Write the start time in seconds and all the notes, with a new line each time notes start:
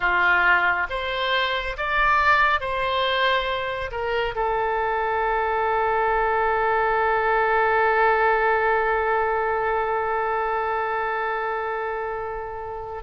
0.00 F4
0.89 C5
1.77 D5
2.60 C5
3.91 A#4
4.35 A4